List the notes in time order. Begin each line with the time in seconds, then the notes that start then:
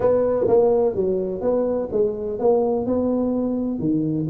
0.00 B3
0.47 A#3
0.95 F#3
1.41 B3
1.92 G#3
2.39 A#3
2.86 B3
3.79 D#3